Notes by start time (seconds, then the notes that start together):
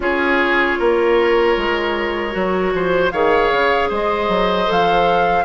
0.00 C#4 F4 G#4 C#5
0.78 A#3 A#4
1.57 G#3
2.31 F#3 F#4
2.73 F3 C5
3.11 D#3 G#4 C#5 F5
3.51 C#3
3.89 G#3 C5 D#5
4.28 F#3
4.65 F3 A4
4.71 F5